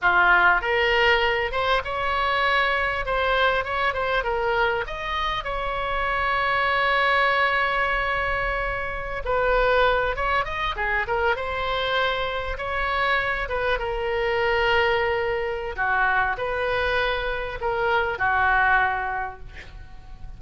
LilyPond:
\new Staff \with { instrumentName = "oboe" } { \time 4/4 \tempo 4 = 99 f'4 ais'4. c''8 cis''4~ | cis''4 c''4 cis''8 c''8 ais'4 | dis''4 cis''2.~ | cis''2.~ cis''16 b'8.~ |
b'8. cis''8 dis''8 gis'8 ais'8 c''4~ c''16~ | c''8. cis''4. b'8 ais'4~ ais'16~ | ais'2 fis'4 b'4~ | b'4 ais'4 fis'2 | }